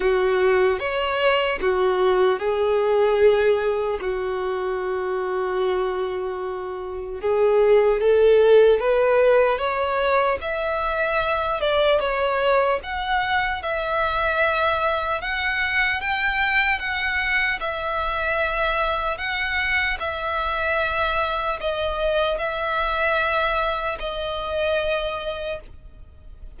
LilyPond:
\new Staff \with { instrumentName = "violin" } { \time 4/4 \tempo 4 = 75 fis'4 cis''4 fis'4 gis'4~ | gis'4 fis'2.~ | fis'4 gis'4 a'4 b'4 | cis''4 e''4. d''8 cis''4 |
fis''4 e''2 fis''4 | g''4 fis''4 e''2 | fis''4 e''2 dis''4 | e''2 dis''2 | }